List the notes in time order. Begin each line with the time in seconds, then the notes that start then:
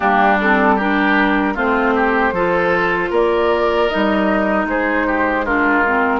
0.00 G3 A#3 D4 G4
0.40 C4 A4
0.75 D4 G4 A#4
1.54 A3 C4 F4 C5
1.95 G4
2.32 F3 F4 A4
3.09 A#3 A#4 D5
3.88 D#4 D#5
3.94 G3
4.65 G#3 G#4 C5
5.07 G4
5.45 D4 F4 A#4
5.85 C4